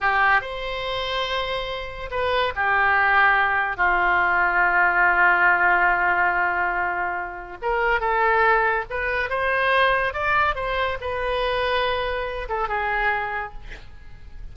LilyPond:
\new Staff \with { instrumentName = "oboe" } { \time 4/4 \tempo 4 = 142 g'4 c''2.~ | c''4 b'4 g'2~ | g'4 f'2.~ | f'1~ |
f'2 ais'4 a'4~ | a'4 b'4 c''2 | d''4 c''4 b'2~ | b'4. a'8 gis'2 | }